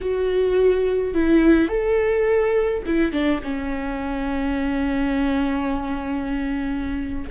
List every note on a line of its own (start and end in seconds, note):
0.01 1.14 F#4
1.14 1.68 E4
1.68 2.82 A4
2.86 3.11 E4
3.11 3.40 D4
3.43 7.29 C#4